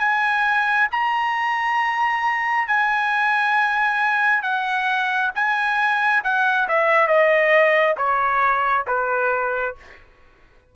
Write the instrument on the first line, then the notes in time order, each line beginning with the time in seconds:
trumpet
0.00 G#5
0.92 A#5
2.68 G#5
4.43 F#5
5.35 G#5
6.24 F#5
6.69 E5
7.08 D#5
7.97 C#5
8.88 B4